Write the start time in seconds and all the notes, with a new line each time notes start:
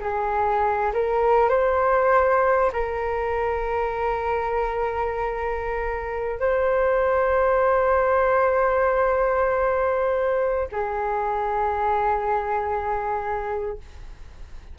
0.00 G#4
0.93 A#4
1.49 C5
2.72 A#4
6.39 C5
10.71 G#4